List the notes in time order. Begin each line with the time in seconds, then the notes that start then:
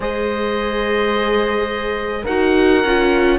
0.00 G#3 G#4 C5 D#5
2.23 D#4 F#4 A#4 F#5
2.84 C#4 F4